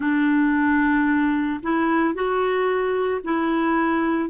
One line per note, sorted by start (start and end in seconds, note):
0.00 1.60 D4
1.63 2.14 E4
2.14 3.21 F#4
3.24 4.29 E4